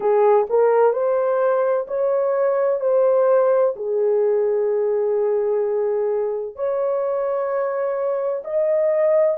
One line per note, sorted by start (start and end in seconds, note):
0.00 0.46 G#4
0.49 0.92 A#4
0.92 1.86 C5
1.87 2.80 C#5
2.80 3.74 C5
3.75 6.55 G#4
6.55 8.42 C#5
8.44 9.37 D#5